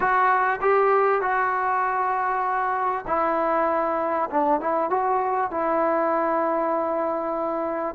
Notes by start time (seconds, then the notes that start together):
0.00 F#4
0.61 G4
1.21 F#4
3.07 E4
4.30 D4
4.60 E4
4.90 F#4
5.50 E4